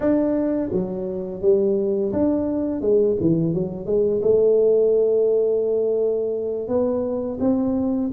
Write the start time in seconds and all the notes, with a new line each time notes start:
0.00 D4
0.72 F#3
1.41 G3
2.12 D4
2.81 G#3
3.20 E3
3.54 F#3
3.86 G#3
4.22 A3
6.67 B3
7.40 C4